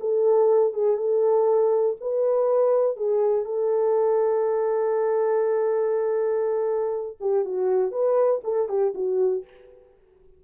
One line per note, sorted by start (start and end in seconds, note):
0.00 0.73 A4
0.73 0.97 G#4
0.97 1.96 A4
2.00 2.96 B4
2.96 3.45 G#4
3.45 7.17 A4
7.20 7.45 G4
7.45 7.91 F#4
7.91 8.41 B4
8.44 8.68 A4
8.68 8.93 G4
8.94 9.44 F#4